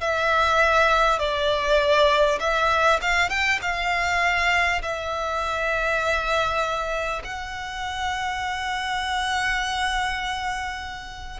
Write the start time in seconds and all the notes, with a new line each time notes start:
0.00 E5
1.18 D5
2.39 E5
3.01 F5
3.29 G5
3.61 F5
4.82 E5
7.24 F#5